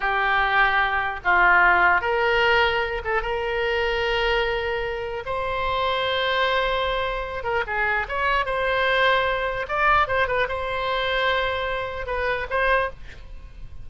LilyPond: \new Staff \with { instrumentName = "oboe" } { \time 4/4 \tempo 4 = 149 g'2. f'4~ | f'4 ais'2~ ais'8 a'8 | ais'1~ | ais'4 c''2.~ |
c''2~ c''8 ais'8 gis'4 | cis''4 c''2. | d''4 c''8 b'8 c''2~ | c''2 b'4 c''4 | }